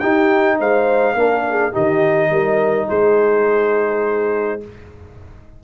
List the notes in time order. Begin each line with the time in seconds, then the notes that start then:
0.00 D#4 G4 G5
0.60 G#3 C5 F5
1.15 A#3 D4 A#4
1.50 G#4
1.72 D#3 D#4 G4 D#5
2.30 G3 A#4
2.88 G#3 G#4 C5